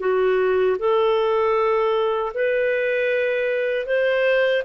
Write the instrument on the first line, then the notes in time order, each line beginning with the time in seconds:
clarinet
0.00 F#4
0.79 A4
2.34 B4
3.86 C5